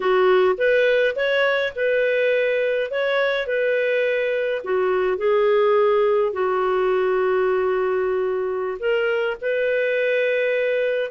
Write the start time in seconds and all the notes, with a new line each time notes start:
0.00 F#4
0.57 B4
1.15 C#5
1.75 B4
2.90 C#5
3.46 B4
4.63 F#4
5.17 G#4
6.33 F#4
8.79 A#4
9.41 B4